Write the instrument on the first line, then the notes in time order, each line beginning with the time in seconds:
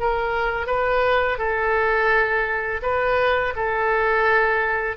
oboe
0.00 A#4
0.67 B4
1.38 A4
2.82 B4
3.56 A4